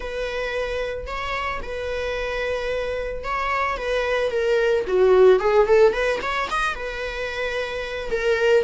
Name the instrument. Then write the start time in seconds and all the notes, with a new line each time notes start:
viola
0.00 B4
1.06 C#5
1.62 B4
3.24 C#5
3.77 B4
4.30 A#4
4.87 F#4
5.39 G#4
5.66 A4
5.92 B4
6.22 C#5
6.50 D#5
6.74 B4
8.11 A#4